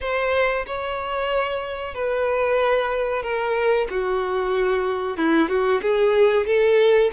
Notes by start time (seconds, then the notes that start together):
0.01 C5
0.66 C#5
1.94 B4
3.22 A#4
3.90 F#4
5.17 E4
5.48 F#4
5.82 G#4
6.46 A4